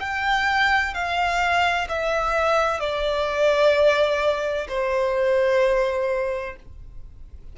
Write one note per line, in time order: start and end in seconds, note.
0.00 0.94 G5
0.94 1.87 F5
1.88 2.80 E5
2.80 4.67 D5
4.68 6.56 C5